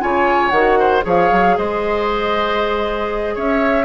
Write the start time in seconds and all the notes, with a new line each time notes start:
0.00 C#3 F4 C#5 G#5
0.50 D#3 F#4 F#5
0.79 C5
1.02 F3 G#4 C#5 F5
1.32 F#3
1.57 G#3 C5 D#5
3.35 C#4 C#5 E5